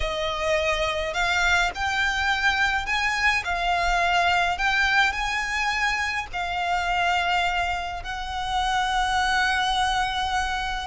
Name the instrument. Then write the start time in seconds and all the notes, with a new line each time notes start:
violin
0.00 D#5
1.13 F5
1.75 G5
2.86 G#5
3.44 F5
4.58 G5
5.12 G#5
6.32 F5
8.03 F#5